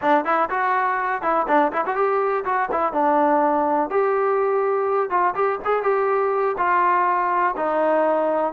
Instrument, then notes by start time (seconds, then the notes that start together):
trombone
0.01 D4
0.24 E4
0.49 F#4
1.22 E4
1.47 D4
1.72 E4
1.85 F#4
1.95 G4
2.45 F#4
2.71 E4
2.93 D4
3.90 G4
5.10 F4
5.34 G4
5.64 G#4
5.82 G4
6.57 F4
7.56 D#4